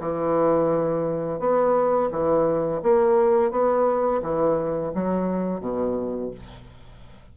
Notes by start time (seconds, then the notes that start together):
0.00 E3
1.40 B3
2.11 E3
2.83 A#3
3.51 B3
4.23 E3
4.94 F#3
5.60 B2